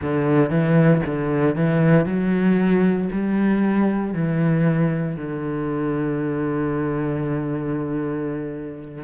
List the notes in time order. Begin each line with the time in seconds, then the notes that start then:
0.01 D3
0.49 E3
1.06 D3
1.55 E3
2.05 F#3
3.12 G3
4.13 E3
5.16 D3